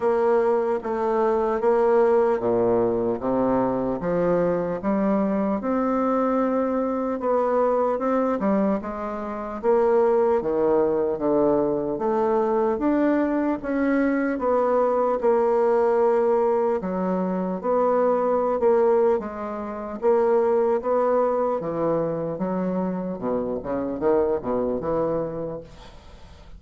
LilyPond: \new Staff \with { instrumentName = "bassoon" } { \time 4/4 \tempo 4 = 75 ais4 a4 ais4 ais,4 | c4 f4 g4 c'4~ | c'4 b4 c'8 g8 gis4 | ais4 dis4 d4 a4 |
d'4 cis'4 b4 ais4~ | ais4 fis4 b4~ b16 ais8. | gis4 ais4 b4 e4 | fis4 b,8 cis8 dis8 b,8 e4 | }